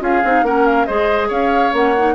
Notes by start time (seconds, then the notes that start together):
0.00 C#4 F4 G#4 F5
0.24 C4 D#4
0.42 A#3 C#4 A#4 F#5
0.66 F5
0.85 G#3 G#4 C5 D#5
1.28 C#4 C#5 F5
1.73 A#3 C#4 F#5
1.97 D#4